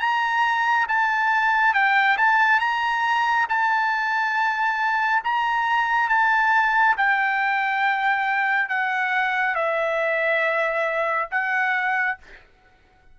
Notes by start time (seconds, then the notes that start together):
0.00 A#5
0.89 A5
1.74 G5
2.17 A5
2.60 A#5
3.49 A5
5.24 A#5
6.09 A5
6.97 G5
8.69 F#5
9.55 E5
11.31 F#5